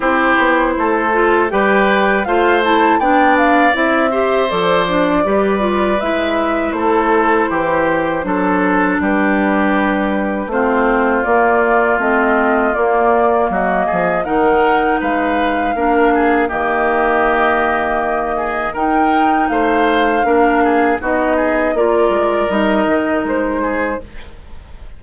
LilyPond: <<
  \new Staff \with { instrumentName = "flute" } { \time 4/4 \tempo 4 = 80 c''2 g''4 f''8 a''8 | g''8 f''8 e''4 d''2 | e''4 c''2. | b'2 c''4 d''4 |
dis''4 d''4 dis''4 fis''4 | f''2 dis''2~ | dis''4 g''4 f''2 | dis''4 d''4 dis''4 c''4 | }
  \new Staff \with { instrumentName = "oboe" } { \time 4/4 g'4 a'4 b'4 c''4 | d''4. c''4. b'4~ | b'4 a'4 g'4 a'4 | g'2 f'2~ |
f'2 fis'8 gis'8 ais'4 | b'4 ais'8 gis'8 g'2~ | g'8 gis'8 ais'4 c''4 ais'8 gis'8 | fis'8 gis'8 ais'2~ ais'8 gis'8 | }
  \new Staff \with { instrumentName = "clarinet" } { \time 4/4 e'4. f'8 g'4 f'8 e'8 | d'4 e'8 g'8 a'8 d'8 g'8 f'8 | e'2. d'4~ | d'2 c'4 ais4 |
c'4 ais2 dis'4~ | dis'4 d'4 ais2~ | ais4 dis'2 d'4 | dis'4 f'4 dis'2 | }
  \new Staff \with { instrumentName = "bassoon" } { \time 4/4 c'8 b8 a4 g4 a4 | b4 c'4 f4 g4 | gis4 a4 e4 fis4 | g2 a4 ais4 |
a4 ais4 fis8 f8 dis4 | gis4 ais4 dis2~ | dis4 dis'4 a4 ais4 | b4 ais8 gis8 g8 dis8 gis4 | }
>>